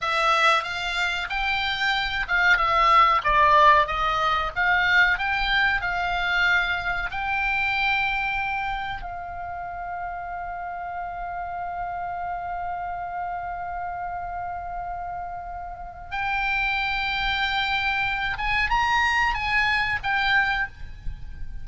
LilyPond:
\new Staff \with { instrumentName = "oboe" } { \time 4/4 \tempo 4 = 93 e''4 f''4 g''4. f''8 | e''4 d''4 dis''4 f''4 | g''4 f''2 g''4~ | g''2 f''2~ |
f''1~ | f''1~ | f''4 g''2.~ | g''8 gis''8 ais''4 gis''4 g''4 | }